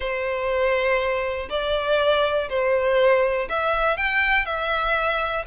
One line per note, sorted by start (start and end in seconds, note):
0.00 1.49 C5
1.49 2.48 D5
2.49 3.48 C5
3.49 3.97 E5
3.97 4.45 G5
4.45 5.44 E5